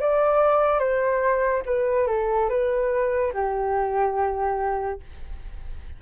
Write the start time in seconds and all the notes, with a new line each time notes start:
0.00 D5
0.79 C5
1.66 B4
2.08 A4
2.49 B4
3.33 G4